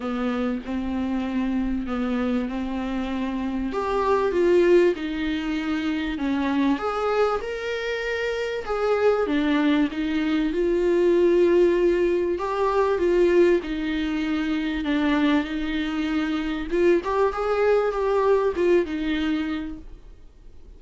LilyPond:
\new Staff \with { instrumentName = "viola" } { \time 4/4 \tempo 4 = 97 b4 c'2 b4 | c'2 g'4 f'4 | dis'2 cis'4 gis'4 | ais'2 gis'4 d'4 |
dis'4 f'2. | g'4 f'4 dis'2 | d'4 dis'2 f'8 g'8 | gis'4 g'4 f'8 dis'4. | }